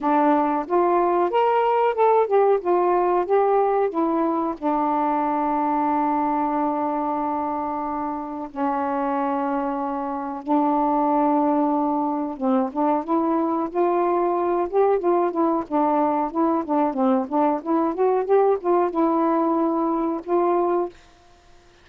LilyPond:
\new Staff \with { instrumentName = "saxophone" } { \time 4/4 \tempo 4 = 92 d'4 f'4 ais'4 a'8 g'8 | f'4 g'4 e'4 d'4~ | d'1~ | d'4 cis'2. |
d'2. c'8 d'8 | e'4 f'4. g'8 f'8 e'8 | d'4 e'8 d'8 c'8 d'8 e'8 fis'8 | g'8 f'8 e'2 f'4 | }